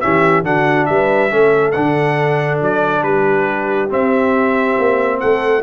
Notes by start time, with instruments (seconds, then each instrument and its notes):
0.00 tuba E3, trombone C#4, horn G4, trumpet E5
0.42 tuba D3, trombone D4, horn F#4, trumpet F#5
0.85 tuba G3, horn B4, trumpet E5
1.30 tuba A3, trombone C#4, horn A4
1.71 tuba D3, trombone D4, trumpet F#5
2.61 tuba F#3, trumpet D5
3.02 tuba G3, horn G4, trumpet B4
3.88 trombone C4, tuba C4, trumpet E5
4.78 tuba A#3
5.19 tuba A3, horn A4, trumpet F#5